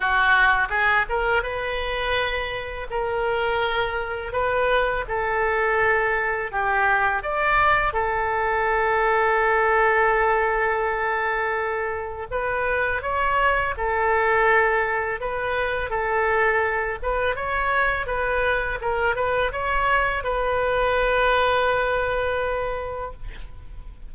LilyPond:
\new Staff \with { instrumentName = "oboe" } { \time 4/4 \tempo 4 = 83 fis'4 gis'8 ais'8 b'2 | ais'2 b'4 a'4~ | a'4 g'4 d''4 a'4~ | a'1~ |
a'4 b'4 cis''4 a'4~ | a'4 b'4 a'4. b'8 | cis''4 b'4 ais'8 b'8 cis''4 | b'1 | }